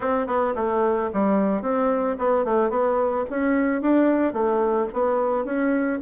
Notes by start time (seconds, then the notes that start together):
0.00 C4
0.26 B3
0.55 A3
1.13 G3
1.61 C4
2.18 B3
2.44 A3
2.70 B3
3.30 C#4
3.81 D4
4.33 A3
4.93 B3
5.44 C#4